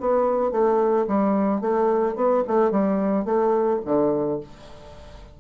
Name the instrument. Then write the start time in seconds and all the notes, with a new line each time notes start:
bassoon
0.00 B3
0.51 A3
1.08 G3
1.61 A3
2.15 B3
2.47 A3
2.71 G3
3.25 A3
3.85 D3